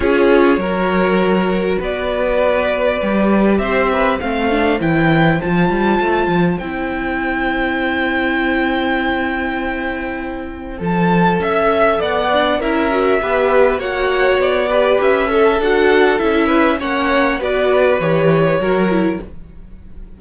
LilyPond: <<
  \new Staff \with { instrumentName = "violin" } { \time 4/4 \tempo 4 = 100 cis''2. d''4~ | d''2 e''4 f''4 | g''4 a''2 g''4~ | g''1~ |
g''2 a''4 e''4 | fis''4 e''2 fis''4 | d''4 e''4 fis''4 e''4 | fis''4 d''4 cis''2 | }
  \new Staff \with { instrumentName = "violin" } { \time 4/4 gis'4 ais'2 b'4~ | b'2 c''8 b'8 c''4~ | c''1~ | c''1~ |
c''2. e''4 | d''4 ais'4 b'4 cis''4~ | cis''8 b'4 a'2 b'8 | cis''4 b'2 ais'4 | }
  \new Staff \with { instrumentName = "viola" } { \time 4/4 f'4 fis'2.~ | fis'4 g'2 c'8 d'8 | e'4 f'2 e'4~ | e'1~ |
e'2 a'2~ | a'8 d'8 e'8 fis'8 g'4 fis'4~ | fis'8 g'4 a'8 fis'4 e'4 | cis'4 fis'4 g'4 fis'8 e'8 | }
  \new Staff \with { instrumentName = "cello" } { \time 4/4 cis'4 fis2 b4~ | b4 g4 c'4 a4 | e4 f8 g8 a8 f8 c'4~ | c'1~ |
c'2 f4 cis'4 | b4 cis'4 b4 ais4 | b4 cis'4 d'4 cis'4 | ais4 b4 e4 fis4 | }
>>